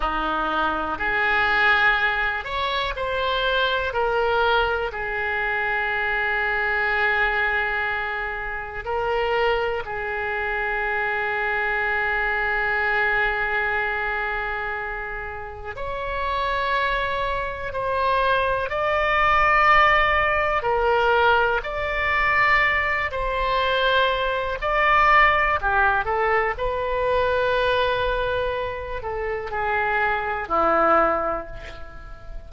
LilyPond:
\new Staff \with { instrumentName = "oboe" } { \time 4/4 \tempo 4 = 61 dis'4 gis'4. cis''8 c''4 | ais'4 gis'2.~ | gis'4 ais'4 gis'2~ | gis'1 |
cis''2 c''4 d''4~ | d''4 ais'4 d''4. c''8~ | c''4 d''4 g'8 a'8 b'4~ | b'4. a'8 gis'4 e'4 | }